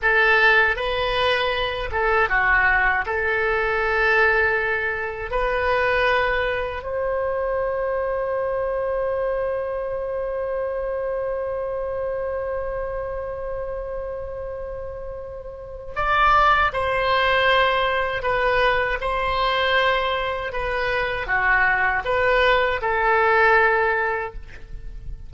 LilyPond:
\new Staff \with { instrumentName = "oboe" } { \time 4/4 \tempo 4 = 79 a'4 b'4. a'8 fis'4 | a'2. b'4~ | b'4 c''2.~ | c''1~ |
c''1~ | c''4 d''4 c''2 | b'4 c''2 b'4 | fis'4 b'4 a'2 | }